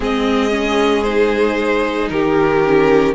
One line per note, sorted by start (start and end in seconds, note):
0.00 2.10 G#3
0.00 0.50 C4
0.00 2.10 G#4
0.00 1.03 D#5
0.50 1.03 C#4
1.03 2.64 D#4
1.03 2.08 C5
2.09 3.14 D#3
2.09 3.14 G4
2.09 3.14 A#4
2.64 3.14 C#4